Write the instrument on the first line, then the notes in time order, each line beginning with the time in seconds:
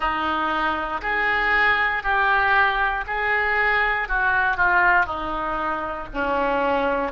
oboe
0.00 D#4
1.01 G#4
2.03 G4
3.06 G#4
4.08 F#4
4.56 F4
5.06 D#4
6.13 C#4